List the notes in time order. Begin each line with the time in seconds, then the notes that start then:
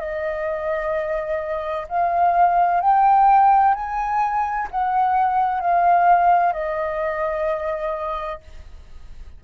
0.00 D#5
1.89 F5
2.81 G5
3.75 G#5
4.71 F#5
5.61 F5
6.54 D#5